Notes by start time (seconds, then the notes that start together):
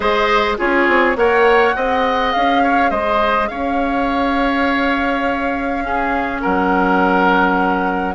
0.00 G#3 G#4 C5 D#5
0.58 C#4 F4 G#4 C#5
0.88 C4
1.15 A#3 A#4 C#5 F#5
1.75 C4 G#4 D#5
2.32 C#4 F5
2.63 C#5
2.90 G#3 C5 D#5
3.47 C#4 C#5 F5
5.83 C#4 G#4
6.41 F#3 A#4 F#5